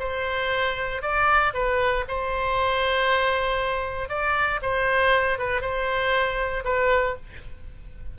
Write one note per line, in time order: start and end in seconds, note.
0.00 1.02 C5
1.02 1.54 D5
1.54 2.05 B4
2.08 4.09 C5
4.09 4.60 D5
4.62 5.38 C5
5.38 5.61 B4
5.61 6.64 C5
6.65 7.16 B4